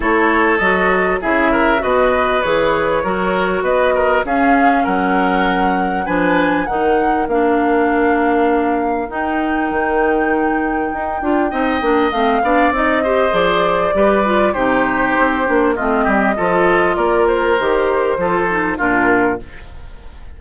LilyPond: <<
  \new Staff \with { instrumentName = "flute" } { \time 4/4 \tempo 4 = 99 cis''4 dis''4 e''4 dis''4 | cis''2 dis''4 f''4 | fis''2 gis''4 fis''4 | f''2. g''4~ |
g''1 | f''4 dis''4 d''2 | c''2 dis''2 | d''8 c''2~ c''8 ais'4 | }
  \new Staff \with { instrumentName = "oboe" } { \time 4/4 a'2 gis'8 ais'8 b'4~ | b'4 ais'4 b'8 ais'8 gis'4 | ais'2 b'4 ais'4~ | ais'1~ |
ais'2. dis''4~ | dis''8 d''4 c''4. b'4 | g'2 f'8 g'8 a'4 | ais'2 a'4 f'4 | }
  \new Staff \with { instrumentName = "clarinet" } { \time 4/4 e'4 fis'4 e'4 fis'4 | gis'4 fis'2 cis'4~ | cis'2 d'4 dis'4 | d'2. dis'4~ |
dis'2~ dis'8 f'8 dis'8 d'8 | c'8 d'8 dis'8 g'8 gis'4 g'8 f'8 | dis'4. d'8 c'4 f'4~ | f'4 g'4 f'8 dis'8 d'4 | }
  \new Staff \with { instrumentName = "bassoon" } { \time 4/4 a4 fis4 cis4 b,4 | e4 fis4 b4 cis'4 | fis2 f4 dis4 | ais2. dis'4 |
dis2 dis'8 d'8 c'8 ais8 | a8 b8 c'4 f4 g4 | c4 c'8 ais8 a8 g8 f4 | ais4 dis4 f4 ais,4 | }
>>